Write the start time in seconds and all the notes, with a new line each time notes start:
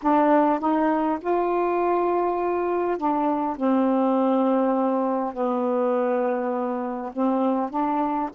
0.02 D4
0.59 D#4
1.20 F4
2.97 D4
3.56 C4
5.33 B3
7.12 C4
7.70 D4